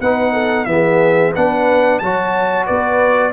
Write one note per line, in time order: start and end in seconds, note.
0.00 0.66 B3
0.00 0.67 D#4
0.00 0.33 B4
0.00 0.65 F#5
0.33 0.66 A4
0.65 1.32 E3
0.65 1.34 B3
0.65 1.35 G#4
0.65 1.32 E5
1.35 2.01 B3
1.35 2.02 D4
1.35 2.02 B4
1.35 1.99 F#5
1.99 2.68 F#3
1.99 3.32 F#4
1.99 2.66 C#5
1.99 2.65 A5
2.66 3.32 B3
2.66 3.32 B4
2.66 3.32 D5